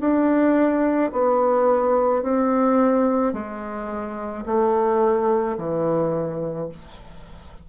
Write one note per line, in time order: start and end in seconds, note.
0.00 1.11 D4
1.12 2.22 B3
2.22 3.33 C4
3.33 4.44 G#3
4.45 5.57 A3
5.57 6.68 E3